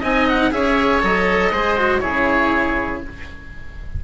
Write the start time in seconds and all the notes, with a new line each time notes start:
0.00 C4 D#4 D#5 G#5
0.29 F#5
0.51 C#4 G#4 C#5 E5
1.02 F#3 A4 D#5
1.52 G#3 G#4 C5
1.78 F#4
2.00 C#3 E4 G#4 C#5